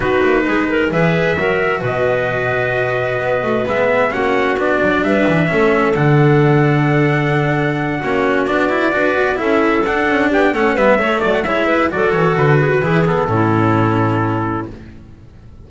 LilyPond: <<
  \new Staff \with { instrumentName = "trumpet" } { \time 4/4 \tempo 4 = 131 b'2 e''2 | dis''1 | e''4 fis''4 d''4 e''4~ | e''4 fis''2.~ |
fis''2~ fis''8 d''4.~ | d''8 e''4 fis''4 g''8 fis''8 e''8~ | e''8 d''16 fis''16 e''4 d''8 cis''8 b'4~ | b'8 a'2.~ a'8 | }
  \new Staff \with { instrumentName = "clarinet" } { \time 4/4 fis'4 gis'8 ais'8 b'4 ais'4 | b'1~ | b'4 fis'2 b'4 | a'1~ |
a'4. fis'2 b'8~ | b'8 a'2 g'8 a'8 b'8 | cis''8 d''8 cis''8 b'8 a'4. gis'16 fis'16 | gis'4 e'2. | }
  \new Staff \with { instrumentName = "cello" } { \time 4/4 dis'2 gis'4 fis'4~ | fis'1 | b4 cis'4 d'2 | cis'4 d'2.~ |
d'4. cis'4 d'8 e'8 fis'8~ | fis'8 e'4 d'4. cis'8 b8 | a4 e'4 fis'2 | e'8 b8 cis'2. | }
  \new Staff \with { instrumentName = "double bass" } { \time 4/4 b8 ais8 gis4 e4 fis4 | b,2. b8 a8 | gis4 ais4 b8 fis8 g8 e8 | a4 d2.~ |
d4. ais4 b4 d'8 | b8 cis'4 d'8 cis'8 b8 a8 g8 | a8 fis8 gis4 fis8 e8 d4 | e4 a,2. | }
>>